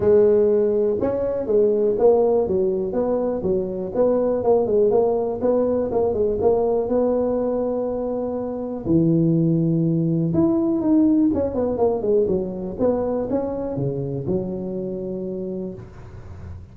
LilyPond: \new Staff \with { instrumentName = "tuba" } { \time 4/4 \tempo 4 = 122 gis2 cis'4 gis4 | ais4 fis4 b4 fis4 | b4 ais8 gis8 ais4 b4 | ais8 gis8 ais4 b2~ |
b2 e2~ | e4 e'4 dis'4 cis'8 b8 | ais8 gis8 fis4 b4 cis'4 | cis4 fis2. | }